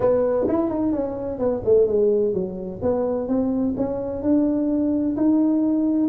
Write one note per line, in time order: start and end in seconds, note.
0.00 0.46 B3
0.48 0.69 E4
0.69 0.92 D#4
0.92 1.38 C#4
1.38 1.62 B3
1.64 1.86 A3
1.86 2.33 G#3
2.33 2.80 F#3
2.82 3.27 B3
3.27 3.74 C4
3.76 4.22 C#4
4.22 5.16 D4
5.16 6.08 D#4